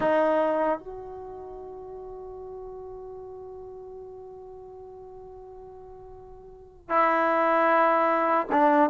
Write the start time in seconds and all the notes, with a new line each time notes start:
0.00 D#4
0.79 F#4
6.89 E4
8.52 D4